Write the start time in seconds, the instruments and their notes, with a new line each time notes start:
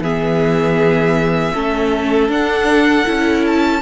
0.00 cello E3, viola B3, violin G#4 E5
1.54 cello A3, viola C#4, violin A4
2.29 cello D4, viola D4, violin F#5
3.05 cello C#4, viola E4
3.47 violin A5